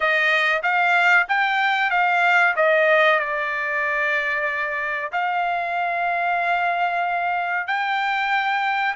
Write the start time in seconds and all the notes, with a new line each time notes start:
0.00 D#5
0.62 F5
1.28 G5
1.90 F5
2.56 D#5
3.19 D5
5.12 F5
7.67 G5